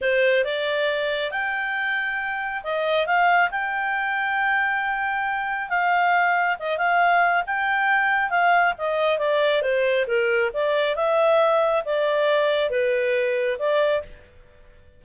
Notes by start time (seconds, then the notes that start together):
0.01 C5
0.44 D5
1.31 G5
2.63 D#5
3.06 F5
3.51 G5
5.69 F5
6.59 D#5
6.77 F5
7.46 G5
8.30 F5
8.78 D#5
9.18 D5
9.62 C5
10.07 A#4
10.53 D5
10.95 E5
11.85 D5
12.70 B4
13.58 D5